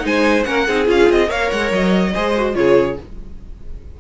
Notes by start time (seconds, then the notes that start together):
0.00 G#3 D#4 C5
0.06 G#5
0.44 A#3 C#4 A#4 F#5
0.67 C4 D#4 G#4
0.86 C#4 F4 F5
1.10 C4 D#5
1.27 A#3 A#4 C#5 F5
1.51 G#3 F#5
1.72 F#3 D#5
2.14 G#3 G#4 C5
2.37 F#4
2.54 C#3 F4 G#4 C#5